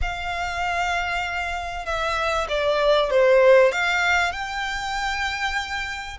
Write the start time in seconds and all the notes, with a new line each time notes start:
0.01 F5
1.85 E5
2.48 D5
3.10 C5
3.71 F5
4.32 G5